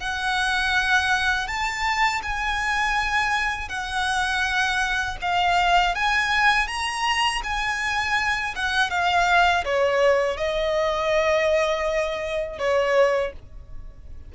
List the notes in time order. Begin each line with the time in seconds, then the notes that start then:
0.00 F#5
1.47 A5
2.23 G#5
3.69 F#5
5.22 F5
5.95 G#5
6.68 A#5
7.44 G#5
8.56 F#5
8.90 F5
9.65 C#5
10.37 D#5
12.59 C#5